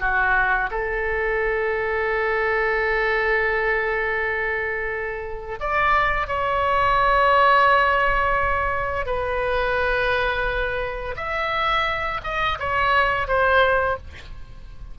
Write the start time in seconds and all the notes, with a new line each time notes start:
0.00 F#4
0.71 A4
5.60 D5
6.27 C#5
9.06 B4
11.16 E5
12.23 D#5
12.59 C#5
13.27 C5